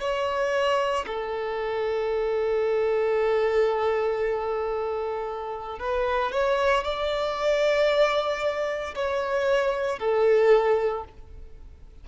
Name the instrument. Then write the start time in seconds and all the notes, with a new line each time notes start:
violin
0.00 C#5
1.06 A4
5.79 B4
6.32 C#5
6.84 D5
8.95 C#5
9.99 A4